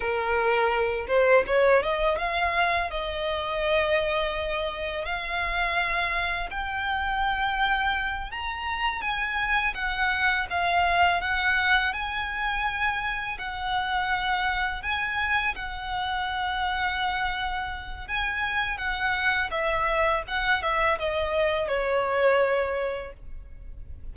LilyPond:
\new Staff \with { instrumentName = "violin" } { \time 4/4 \tempo 4 = 83 ais'4. c''8 cis''8 dis''8 f''4 | dis''2. f''4~ | f''4 g''2~ g''8 ais''8~ | ais''8 gis''4 fis''4 f''4 fis''8~ |
fis''8 gis''2 fis''4.~ | fis''8 gis''4 fis''2~ fis''8~ | fis''4 gis''4 fis''4 e''4 | fis''8 e''8 dis''4 cis''2 | }